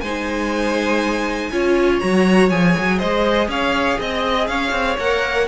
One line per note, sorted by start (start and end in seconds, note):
0.00 1.50 G#3
0.00 1.52 D#4
0.00 1.51 C5
0.00 1.98 G#5
1.51 2.01 C#4
1.51 2.00 F4
1.51 2.98 C#5
1.99 2.51 F#3
1.99 2.50 F#4
1.99 2.49 A#5
2.49 2.75 F3
2.49 4.98 G#4
2.49 2.99 G#5
2.77 3.02 F#3
2.98 3.48 G#3
2.98 3.48 C5
2.98 3.48 D#5
3.48 3.97 C#4
3.48 3.99 C#5
3.48 4.00 F5
3.99 4.49 C4
3.99 4.49 D#5
3.99 4.47 D#5
4.47 4.71 C#4
4.47 5.48 C#5
4.47 4.96 F5
4.71 4.96 C4
4.98 5.48 A#3
4.98 5.48 A#4
4.98 5.48 F#5